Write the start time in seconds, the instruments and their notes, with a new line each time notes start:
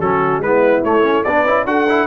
0.00 tuba F#3, trombone C#4, horn F#4, trumpet A4
0.38 tuba G#3, trombone B3, horn E4, trumpet B4
0.84 tuba A3, trombone A3, trumpet C#5
1.02 trombone C#4
1.24 tuba B3, trombone D4, horn B4, trumpet D5
1.44 tuba C#4, trombone E4
1.65 tuba D4, trombone F#4, horn A4, trumpet F#5
1.89 trombone E4